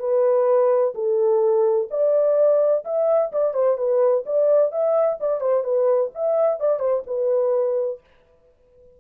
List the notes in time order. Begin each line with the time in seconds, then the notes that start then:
0.00 B4
0.95 A4
1.91 D5
2.85 E5
3.32 D5
3.54 C5
3.77 B4
4.26 D5
4.72 E5
5.20 D5
5.41 C5
5.64 B4
6.14 E5
6.60 D5
6.80 C5
7.07 B4